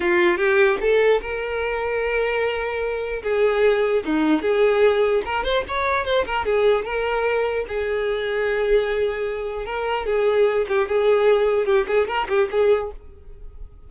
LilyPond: \new Staff \with { instrumentName = "violin" } { \time 4/4 \tempo 4 = 149 f'4 g'4 a'4 ais'4~ | ais'1 | gis'2 dis'4 gis'4~ | gis'4 ais'8 c''8 cis''4 c''8 ais'8 |
gis'4 ais'2 gis'4~ | gis'1 | ais'4 gis'4. g'8 gis'4~ | gis'4 g'8 gis'8 ais'8 g'8 gis'4 | }